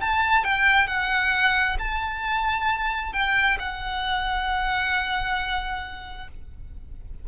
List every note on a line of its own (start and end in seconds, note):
0.00 0.44 A5
0.44 0.87 G5
0.87 1.76 F#5
1.78 3.12 A5
3.12 3.57 G5
3.59 6.28 F#5